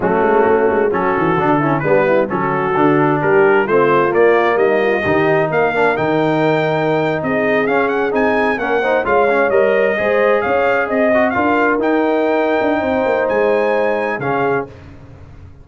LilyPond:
<<
  \new Staff \with { instrumentName = "trumpet" } { \time 4/4 \tempo 4 = 131 fis'2 a'2 | b'4 a'2 ais'4 | c''4 d''4 dis''2 | f''4 g''2~ g''8. dis''16~ |
dis''8. f''8 fis''8 gis''4 fis''4 f''16~ | f''8. dis''2 f''4 dis''16~ | dis''8. f''4 g''2~ g''16~ | g''4 gis''2 f''4 | }
  \new Staff \with { instrumentName = "horn" } { \time 4/4 cis'2 fis'4. e'8 | d'8 e'8 fis'2 g'4 | f'2 dis'8 f'8 g'4 | ais'2.~ ais'8. gis'16~ |
gis'2~ gis'8. ais'8 c''8 cis''16~ | cis''4.~ cis''16 c''4 cis''4 dis''16~ | dis''8. ais'2.~ ais'16 | c''2. gis'4 | }
  \new Staff \with { instrumentName = "trombone" } { \time 4/4 a2 cis'4 d'8 cis'8 | b4 cis'4 d'2 | c'4 ais2 dis'4~ | dis'8 d'8 dis'2.~ |
dis'8. cis'4 dis'4 cis'8 dis'8 f'16~ | f'16 cis'8 ais'4 gis'2~ gis'16~ | gis'16 fis'8 f'4 dis'2~ dis'16~ | dis'2. cis'4 | }
  \new Staff \with { instrumentName = "tuba" } { \time 4/4 fis8 gis8 a8 gis8 fis8 e8 d4 | g4 fis4 d4 g4 | a4 ais4 g4 dis4 | ais4 dis2~ dis8. c'16~ |
c'8. cis'4 c'4 ais4 gis16~ | gis8. g4 gis4 cis'4 c'16~ | c'8. d'4 dis'4.~ dis'16 d'8 | c'8 ais8 gis2 cis4 | }
>>